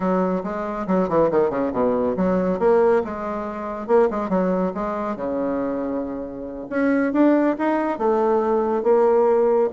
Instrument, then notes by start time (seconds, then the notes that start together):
bassoon
0.00 F#3
0.43 G#3
0.87 F#3
1.09 E3
1.30 D#3
1.50 C#3
1.72 B2
2.16 F#3
2.59 A#3
3.04 G#3
3.87 A#3
4.10 G#3
4.29 F#3
4.74 G#3
5.16 C#3
6.69 C#4
7.12 D4
7.58 D#4
7.98 A3
8.83 A#3